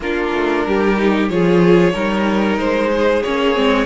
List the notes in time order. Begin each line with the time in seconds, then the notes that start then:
0.00 A#3 D4 F4 A#4
0.33 A3
0.66 G3 G4
0.97 D#4
1.28 F3 F4 G#4 C#5
1.93 G3 D#4 A#4
2.57 G#3 C5
2.92 G#4
3.22 A#3 C#4 C#5
3.55 G#3 C4